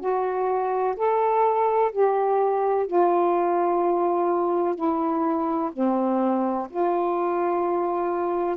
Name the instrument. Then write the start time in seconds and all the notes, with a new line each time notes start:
saxophone
0.00 F#4
0.96 A4
1.92 G4
2.87 F4
4.75 E4
5.73 C4
6.70 F4